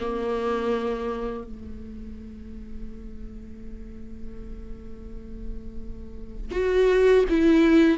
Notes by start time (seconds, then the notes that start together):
0.00 A#3
1.44 A3
6.51 F#4
7.29 E4